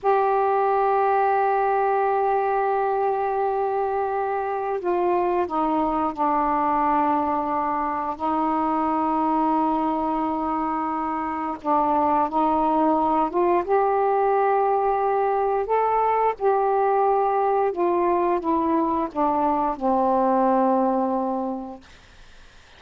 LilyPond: \new Staff \with { instrumentName = "saxophone" } { \time 4/4 \tempo 4 = 88 g'1~ | g'2. f'4 | dis'4 d'2. | dis'1~ |
dis'4 d'4 dis'4. f'8 | g'2. a'4 | g'2 f'4 e'4 | d'4 c'2. | }